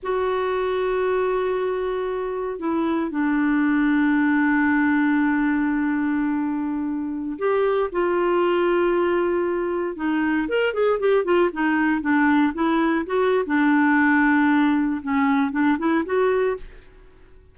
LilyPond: \new Staff \with { instrumentName = "clarinet" } { \time 4/4 \tempo 4 = 116 fis'1~ | fis'4 e'4 d'2~ | d'1~ | d'2~ d'16 g'4 f'8.~ |
f'2.~ f'16 dis'8.~ | dis'16 ais'8 gis'8 g'8 f'8 dis'4 d'8.~ | d'16 e'4 fis'8. d'2~ | d'4 cis'4 d'8 e'8 fis'4 | }